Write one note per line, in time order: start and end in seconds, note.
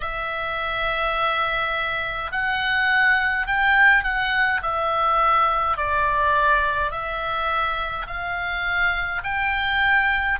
0.00 2.31 E5
2.31 3.46 F#5
3.46 4.03 G5
4.03 4.61 F#5
4.62 5.77 E5
5.77 6.91 D5
6.91 8.06 E5
8.06 9.22 F5
9.23 10.38 G5